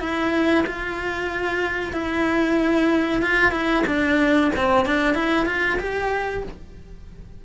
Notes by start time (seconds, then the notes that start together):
0.00 E4
0.66 F4
1.93 E4
3.22 F4
3.51 E4
3.87 D4
4.56 C4
4.86 D4
5.14 E4
5.46 F4
5.79 G4